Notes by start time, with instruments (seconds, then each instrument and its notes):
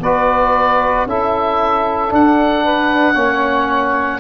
0.00 tuba B3, trombone F#4, saxophone B4, oboe D5
1.07 tuba C#4, trombone E4, saxophone A4, oboe E5
2.10 trombone D4, tuba D4, oboe F#5
2.64 saxophone B4
3.13 tuba A#3, trombone C#4, saxophone C#5